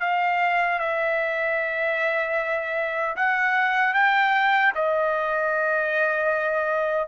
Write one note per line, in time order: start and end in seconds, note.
0.00 0.79 F5
0.79 3.16 E5
3.16 3.94 F#5
3.94 4.73 G5
4.75 7.08 D#5